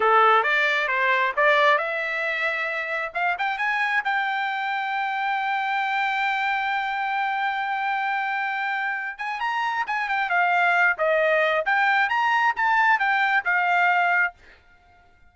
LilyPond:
\new Staff \with { instrumentName = "trumpet" } { \time 4/4 \tempo 4 = 134 a'4 d''4 c''4 d''4 | e''2. f''8 g''8 | gis''4 g''2.~ | g''1~ |
g''1~ | g''8 gis''8 ais''4 gis''8 g''8 f''4~ | f''8 dis''4. g''4 ais''4 | a''4 g''4 f''2 | }